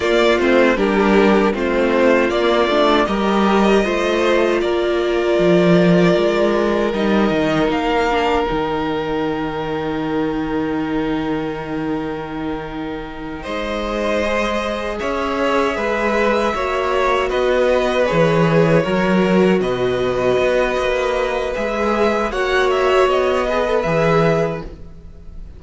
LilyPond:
<<
  \new Staff \with { instrumentName = "violin" } { \time 4/4 \tempo 4 = 78 d''8 c''8 ais'4 c''4 d''4 | dis''2 d''2~ | d''4 dis''4 f''4 g''4~ | g''1~ |
g''4. dis''2 e''8~ | e''2~ e''8 dis''4 cis''8~ | cis''4. dis''2~ dis''8 | e''4 fis''8 e''8 dis''4 e''4 | }
  \new Staff \with { instrumentName = "violin" } { \time 4/4 f'4 g'4 f'2 | ais'4 c''4 ais'2~ | ais'1~ | ais'1~ |
ais'4. c''2 cis''8~ | cis''8 b'4 cis''4 b'4.~ | b'8 ais'4 b'2~ b'8~ | b'4 cis''4. b'4. | }
  \new Staff \with { instrumentName = "viola" } { \time 4/4 ais8 c'8 d'4 c'4 ais8 d'8 | g'4 f'2.~ | f'4 dis'4. d'8 dis'4~ | dis'1~ |
dis'2~ dis'8 gis'4.~ | gis'4. fis'2 gis'8~ | gis'8 fis'2.~ fis'8 | gis'4 fis'4. gis'16 a'16 gis'4 | }
  \new Staff \with { instrumentName = "cello" } { \time 4/4 ais8 a8 g4 a4 ais8 a8 | g4 a4 ais4 f4 | gis4 g8 dis8 ais4 dis4~ | dis1~ |
dis4. gis2 cis'8~ | cis'8 gis4 ais4 b4 e8~ | e8 fis4 b,4 b8 ais4 | gis4 ais4 b4 e4 | }
>>